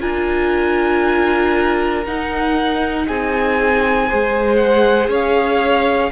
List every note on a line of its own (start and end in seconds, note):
0.00 2.06 D4
0.00 2.03 F4
0.00 3.06 A#4
0.00 2.04 G#5
2.06 3.08 D#4
2.06 4.09 D#4
2.06 3.08 F#5
3.08 4.11 C4
3.08 4.08 G#4
3.08 4.56 G#5
4.08 5.09 G#3
4.08 6.12 G#4
4.08 5.09 C5
4.56 5.07 F#5
5.09 6.11 C#4
5.09 6.11 C#5
5.09 6.12 F5